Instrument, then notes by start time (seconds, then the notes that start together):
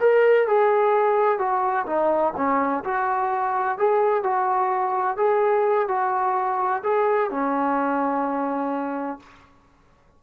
trombone
0.00 A#4
0.47 G#4
1.38 F#4
1.86 D#4
2.36 C#4
2.84 F#4
3.78 G#4
4.23 F#4
5.17 G#4
5.88 F#4
6.83 G#4
7.30 C#4